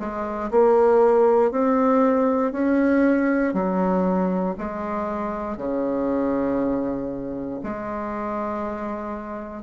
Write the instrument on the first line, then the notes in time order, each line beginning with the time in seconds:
bassoon
0.00 G#3
0.51 A#3
1.52 C4
2.52 C#4
3.54 F#3
4.58 G#3
5.57 C#3
7.63 G#3